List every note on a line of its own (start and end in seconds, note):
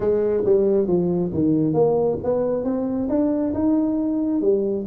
0.00 0.43 G#3
0.45 0.87 G3
0.87 1.31 F3
1.33 1.73 D#3
1.73 2.17 A#3
2.23 2.64 B3
2.64 3.08 C4
3.09 3.53 D4
3.54 4.41 D#4
4.41 4.85 G3